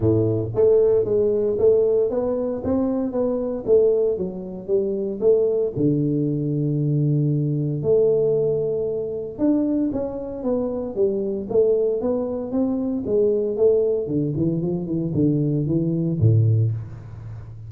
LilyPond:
\new Staff \with { instrumentName = "tuba" } { \time 4/4 \tempo 4 = 115 a,4 a4 gis4 a4 | b4 c'4 b4 a4 | fis4 g4 a4 d4~ | d2. a4~ |
a2 d'4 cis'4 | b4 g4 a4 b4 | c'4 gis4 a4 d8 e8 | f8 e8 d4 e4 a,4 | }